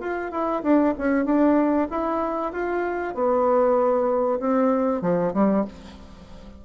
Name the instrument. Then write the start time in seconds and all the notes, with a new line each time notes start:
bassoon
0.00 F4
0.31 E4
0.62 D4
0.98 C#4
1.25 D4
1.90 E4
2.52 F4
3.14 B3
4.39 C4
5.01 F3
5.34 G3